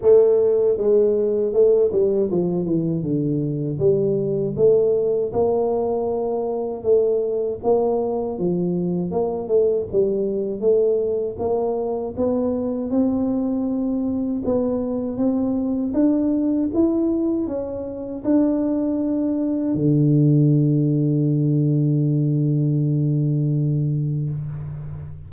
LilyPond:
\new Staff \with { instrumentName = "tuba" } { \time 4/4 \tempo 4 = 79 a4 gis4 a8 g8 f8 e8 | d4 g4 a4 ais4~ | ais4 a4 ais4 f4 | ais8 a8 g4 a4 ais4 |
b4 c'2 b4 | c'4 d'4 e'4 cis'4 | d'2 d2~ | d1 | }